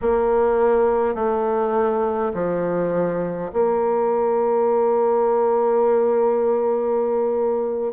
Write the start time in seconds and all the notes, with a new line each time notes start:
0.01 A#3
1.14 A3
2.34 F3
3.52 A#3